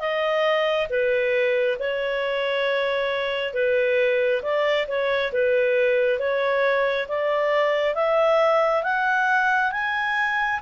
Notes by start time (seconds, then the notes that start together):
0.00 D#5
0.90 B4
1.80 C#5
3.54 B4
4.43 D5
4.88 C#5
5.33 B4
6.20 C#5
7.08 D5
7.95 E5
8.84 F#5
9.72 G#5